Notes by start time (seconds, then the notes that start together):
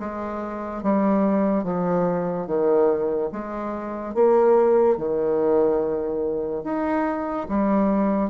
0.00 G#3
0.83 G3
1.64 F3
2.47 D#3
3.32 G#3
4.15 A#3
4.98 D#3
6.64 D#4
7.49 G3